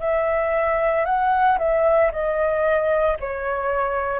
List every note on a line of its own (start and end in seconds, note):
0.00 1.05 E5
1.05 1.58 F#5
1.58 2.11 E5
2.11 3.17 D#5
3.20 4.20 C#5